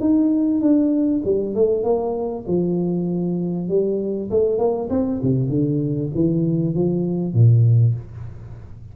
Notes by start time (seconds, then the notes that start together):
0.00 D#4
0.60 D4
1.24 G3
1.55 A3
1.83 A#3
2.47 F3
3.68 G3
4.30 A3
4.58 A#3
4.90 C4
5.22 C3
5.49 D3
6.14 E3
6.74 F3
7.33 A#2